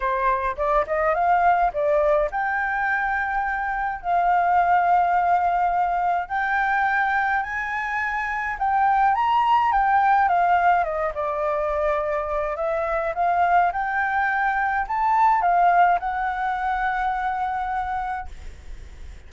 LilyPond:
\new Staff \with { instrumentName = "flute" } { \time 4/4 \tempo 4 = 105 c''4 d''8 dis''8 f''4 d''4 | g''2. f''4~ | f''2. g''4~ | g''4 gis''2 g''4 |
ais''4 g''4 f''4 dis''8 d''8~ | d''2 e''4 f''4 | g''2 a''4 f''4 | fis''1 | }